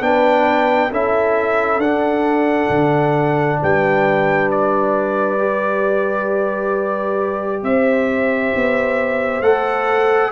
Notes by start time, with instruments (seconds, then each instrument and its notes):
0.00 tuba B3, trombone D4, horn B4, trumpet G5
0.90 tuba C#4, trombone E4, horn A4, trumpet E5
1.78 tuba D4, trombone D4, trumpet F#5
2.69 tuba D3
3.61 tuba G3, horn B4, trumpet G5
4.51 trumpet D5
5.38 trombone G4
7.62 tuba C4, horn C5, trumpet E5
8.55 tuba B3
9.41 tuba A3, trombone A4, trumpet F#5